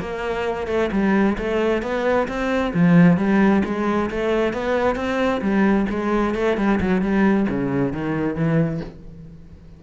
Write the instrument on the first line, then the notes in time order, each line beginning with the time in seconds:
cello
0.00 A#3
0.67 A3
0.92 G3
1.38 A3
1.83 B3
2.28 C4
2.74 F3
3.17 G3
3.65 G#3
4.11 A3
4.53 B3
4.96 C4
5.41 G3
5.90 G#3
6.35 A3
6.57 G3
6.80 F#3
7.02 G3
7.49 C#3
7.93 D#3
8.35 E3